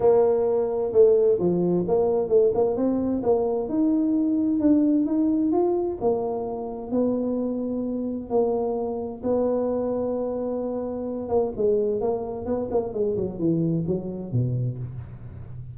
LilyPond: \new Staff \with { instrumentName = "tuba" } { \time 4/4 \tempo 4 = 130 ais2 a4 f4 | ais4 a8 ais8 c'4 ais4 | dis'2 d'4 dis'4 | f'4 ais2 b4~ |
b2 ais2 | b1~ | b8 ais8 gis4 ais4 b8 ais8 | gis8 fis8 e4 fis4 b,4 | }